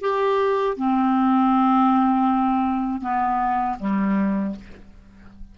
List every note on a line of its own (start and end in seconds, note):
0.00 0.76 G4
0.76 3.01 C4
3.01 3.77 B3
3.79 4.55 G3